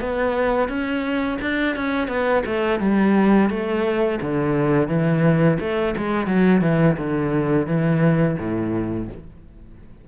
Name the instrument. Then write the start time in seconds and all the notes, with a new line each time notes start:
cello
0.00 B3
0.68 C#4
1.41 D4
1.76 C#4
2.08 B3
2.46 A3
2.80 G3
3.50 A3
4.21 D3
4.88 E3
5.60 A3
5.97 G#3
6.27 F#3
6.62 E3
6.97 D3
7.67 E3
8.38 A2